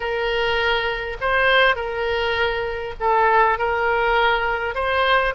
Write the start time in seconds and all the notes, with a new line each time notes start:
0.00 A#4
1.20 C5
1.75 A#4
3.00 A4
3.58 A#4
4.74 C5